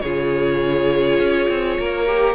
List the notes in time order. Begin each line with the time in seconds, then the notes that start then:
0.00 C#3 F4 G#4 C#5
1.19 C#4
1.49 C4
1.79 A#3 A#4
2.06 G4